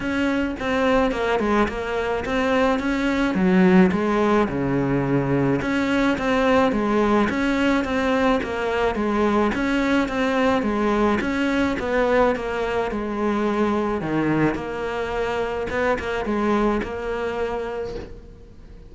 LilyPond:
\new Staff \with { instrumentName = "cello" } { \time 4/4 \tempo 4 = 107 cis'4 c'4 ais8 gis8 ais4 | c'4 cis'4 fis4 gis4 | cis2 cis'4 c'4 | gis4 cis'4 c'4 ais4 |
gis4 cis'4 c'4 gis4 | cis'4 b4 ais4 gis4~ | gis4 dis4 ais2 | b8 ais8 gis4 ais2 | }